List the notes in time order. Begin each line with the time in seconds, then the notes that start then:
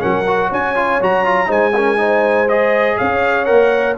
0.00 F#3 C#4 A#4 F#5
0.28 F#4
0.49 C#4 C#5 G#5
0.76 F4
1.01 F#3 F#4 A#5
1.25 F4
1.47 G#3 D#4 C5 G#5
1.74 C#4 A#4
1.98 D#4 C5
2.49 G#4 D#5
2.98 C#4 C#5 F5
3.45 A#3 A#4 F#5